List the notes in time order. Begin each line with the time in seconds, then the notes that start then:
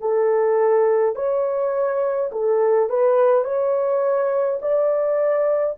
0.00 A4
1.15 C#5
2.31 A4
2.89 B4
3.44 C#5
4.62 D5